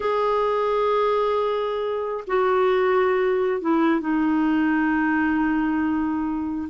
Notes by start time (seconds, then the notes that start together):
0.00 G#4
2.27 F#4
3.61 E4
4.00 D#4